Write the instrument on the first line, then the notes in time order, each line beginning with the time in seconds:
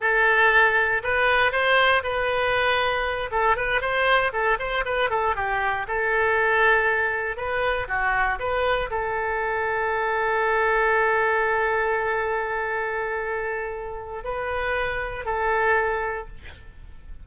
oboe
0.00 A4
1.03 B4
1.52 C5
2.03 B4
3.31 A4
3.56 B4
3.81 C5
4.32 A4
4.59 C5
4.85 B4
5.10 A4
5.35 G4
5.87 A4
7.36 B4
7.88 F#4
8.39 B4
8.90 A4
14.23 B4
15.25 A4